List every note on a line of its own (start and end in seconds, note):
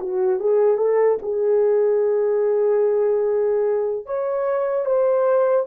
0.00 0.40 F#4
0.40 0.78 G#4
0.78 1.18 A4
1.22 4.06 G#4
4.06 4.86 C#5
4.86 5.67 C5